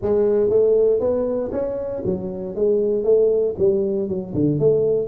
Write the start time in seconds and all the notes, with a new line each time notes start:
0.02 G#3
0.49 A3
0.99 B3
1.52 C#4
2.05 F#3
2.55 G#3
3.03 A3
3.58 G3
4.08 F#3
4.34 D3
4.59 A3